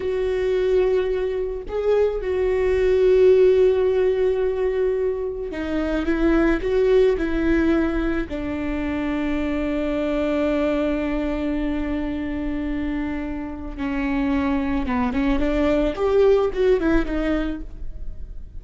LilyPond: \new Staff \with { instrumentName = "viola" } { \time 4/4 \tempo 4 = 109 fis'2. gis'4 | fis'1~ | fis'2 dis'4 e'4 | fis'4 e'2 d'4~ |
d'1~ | d'1~ | d'4 cis'2 b8 cis'8 | d'4 g'4 fis'8 e'8 dis'4 | }